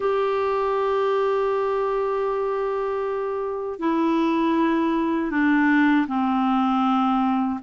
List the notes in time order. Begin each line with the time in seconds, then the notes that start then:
0.00 G4
3.79 E4
5.30 D4
6.07 C4